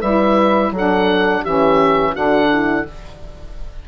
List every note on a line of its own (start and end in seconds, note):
0.00 0.71 G3
0.00 0.73 E4
0.00 0.71 B4
0.00 0.71 E5
0.71 1.41 F#3
0.71 1.45 D4
0.71 1.41 A4
0.77 1.45 F#5
1.41 2.14 E3
1.41 2.15 C#4
1.41 2.12 G4
1.41 2.15 E5
2.12 2.85 D3
2.12 2.85 D4
2.12 2.48 F#4
2.12 2.85 F#5
2.52 2.87 E4